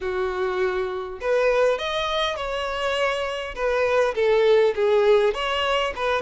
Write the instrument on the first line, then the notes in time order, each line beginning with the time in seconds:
violin
0.01 F#4
1.20 B4
1.78 D#5
2.36 C#5
3.55 B4
4.14 A4
4.75 G#4
5.33 C#5
5.95 B4